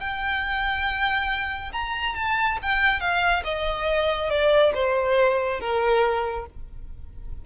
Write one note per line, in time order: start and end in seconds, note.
0.00 1.71 G5
1.72 2.15 A#5
2.15 2.58 A5
2.62 3.00 G5
3.00 3.43 F5
3.44 4.29 D#5
4.29 4.72 D5
4.74 5.60 C5
5.60 6.45 A#4